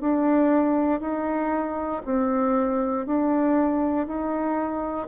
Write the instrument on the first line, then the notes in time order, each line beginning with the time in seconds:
bassoon
0.00 D4
1.00 D#4
2.05 C4
3.06 D4
4.06 D#4